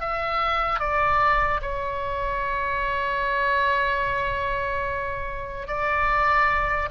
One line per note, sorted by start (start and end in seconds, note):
0.00 0.79 E5
0.79 1.60 D5
1.62 5.67 C#5
5.67 6.89 D5